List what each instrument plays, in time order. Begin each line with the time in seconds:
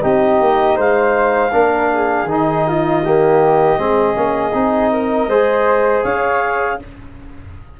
0.00 tuba C4, trombone D#4, flute G4, clarinet D#5
0.40 tuba A#3
0.76 tuba G#3, flute C5, clarinet F5
1.52 tuba A#3, trombone D4, flute A#4
1.93 flute G#4
2.24 tuba D#3, trombone D#4
2.30 clarinet D#5
2.68 flute F4
3.04 trombone A#3, flute G4
3.78 tuba G#3, trombone C4, flute G#4
4.14 tuba A#3, trombone C#4
4.53 tuba C4, trombone D#4
4.92 flute A#4
5.27 tuba G#3, trombone G#4, flute C5
6.03 tuba C#4, flute C#5, clarinet F5